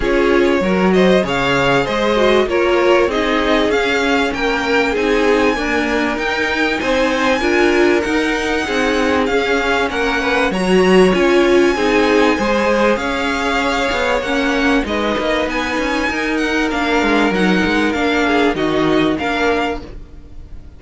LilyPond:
<<
  \new Staff \with { instrumentName = "violin" } { \time 4/4 \tempo 4 = 97 cis''4. dis''8 f''4 dis''4 | cis''4 dis''4 f''4 g''4 | gis''2 g''4 gis''4~ | gis''4 fis''2 f''4 |
fis''4 ais''4 gis''2~ | gis''4 f''2 fis''4 | dis''4 gis''4. fis''8 f''4 | fis''4 f''4 dis''4 f''4 | }
  \new Staff \with { instrumentName = "violin" } { \time 4/4 gis'4 ais'8 c''8 cis''4 c''4 | ais'4 gis'2 ais'4 | gis'4 ais'2 c''4 | ais'2 gis'2 |
ais'8 b'8 cis''2 gis'4 | c''4 cis''2. | b'2 ais'2~ | ais'4. gis'8 fis'4 ais'4 | }
  \new Staff \with { instrumentName = "viola" } { \time 4/4 f'4 fis'4 gis'4. fis'8 | f'4 dis'4 cis'2 | dis'4 ais4 dis'2 | f'4 dis'2 cis'4~ |
cis'4 fis'4 f'4 dis'4 | gis'2. cis'4 | dis'2. d'4 | dis'4 d'4 dis'4 d'4 | }
  \new Staff \with { instrumentName = "cello" } { \time 4/4 cis'4 fis4 cis4 gis4 | ais4 c'4 cis'4 ais4 | c'4 d'4 dis'4 c'4 | d'4 dis'4 c'4 cis'4 |
ais4 fis4 cis'4 c'4 | gis4 cis'4. b8 ais4 | gis8 ais8 b8 cis'8 dis'4 ais8 gis8 | fis8 gis8 ais4 dis4 ais4 | }
>>